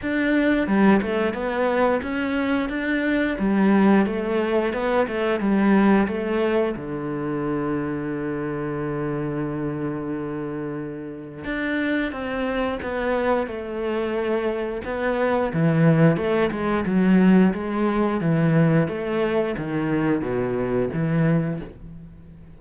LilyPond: \new Staff \with { instrumentName = "cello" } { \time 4/4 \tempo 4 = 89 d'4 g8 a8 b4 cis'4 | d'4 g4 a4 b8 a8 | g4 a4 d2~ | d1~ |
d4 d'4 c'4 b4 | a2 b4 e4 | a8 gis8 fis4 gis4 e4 | a4 dis4 b,4 e4 | }